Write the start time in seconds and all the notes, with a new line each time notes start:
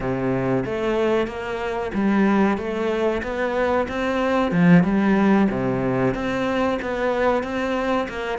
0.00 C3
0.65 A3
1.27 A#3
1.94 G3
2.57 A3
3.23 B3
3.88 C4
4.51 F3
4.83 G3
5.50 C3
6.14 C4
6.82 B3
7.43 C4
8.08 A#3